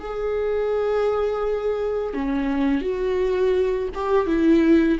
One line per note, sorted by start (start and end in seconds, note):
0.00 2.14 G#4
2.14 2.82 C#4
2.82 3.89 F#4
3.95 4.27 G4
4.27 4.98 E4